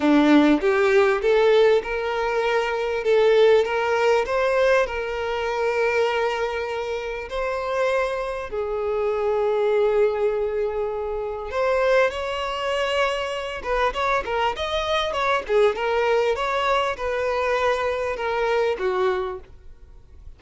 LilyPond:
\new Staff \with { instrumentName = "violin" } { \time 4/4 \tempo 4 = 99 d'4 g'4 a'4 ais'4~ | ais'4 a'4 ais'4 c''4 | ais'1 | c''2 gis'2~ |
gis'2. c''4 | cis''2~ cis''8 b'8 cis''8 ais'8 | dis''4 cis''8 gis'8 ais'4 cis''4 | b'2 ais'4 fis'4 | }